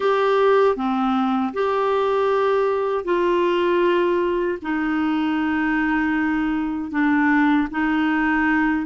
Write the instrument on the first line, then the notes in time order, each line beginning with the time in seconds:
clarinet
0.00 G4
0.76 C4
1.53 G4
3.04 F4
4.62 D#4
6.91 D4
7.70 D#4